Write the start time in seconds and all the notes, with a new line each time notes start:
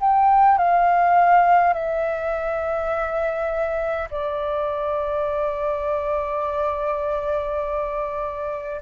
0.00 G5
0.58 F5
1.73 E5
4.11 D5